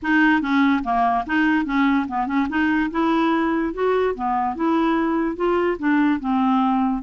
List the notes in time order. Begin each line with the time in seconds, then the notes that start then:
0.02 D#4
0.41 C#4
0.83 A#3
1.26 D#4
1.65 C#4
2.08 B3
2.26 C#4
2.49 D#4
2.90 E4
3.73 F#4
4.14 B3
4.55 E4
5.36 F4
5.79 D4
6.20 C4